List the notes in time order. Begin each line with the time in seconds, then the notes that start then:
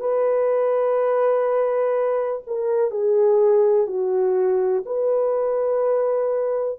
0.00 B4
2.47 A#4
2.91 G#4
3.87 F#4
4.85 B4